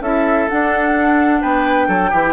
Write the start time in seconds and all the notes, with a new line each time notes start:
0.00 C#4 E4 A4 E5
0.49 D4 F#5
1.41 B3 B4 G5
1.88 F#3 A4
2.10 E3 E4 G4